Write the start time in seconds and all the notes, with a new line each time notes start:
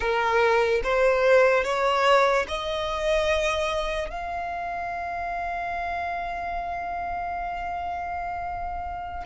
0.00 A#4
0.83 C5
1.64 C#5
2.48 D#5
4.09 F5